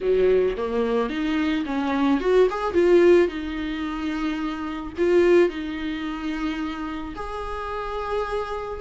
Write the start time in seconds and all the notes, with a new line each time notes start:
0.00 F#3
0.57 A#3
1.09 D#4
1.65 C#4
2.20 F#4
2.49 G#4
2.73 F4
3.28 D#4
4.97 F4
5.49 D#4
7.15 G#4